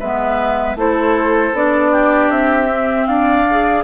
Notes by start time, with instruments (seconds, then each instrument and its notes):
0.00 bassoon G#3, clarinet B3, oboe B4, flute E5
0.76 bassoon A3, clarinet E4, oboe A4, flute C5
1.54 bassoon B3, clarinet D4, flute D5
1.92 oboe G4
2.30 bassoon C4, flute E5
2.70 clarinet C4
3.07 bassoon D4, oboe D5, flute F5
3.50 clarinet G#4